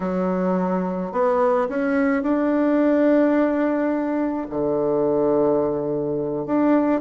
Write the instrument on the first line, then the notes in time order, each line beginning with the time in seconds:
bassoon
0.00 F#3
1.12 B3
1.68 C#4
2.22 D4
4.50 D3
6.46 D4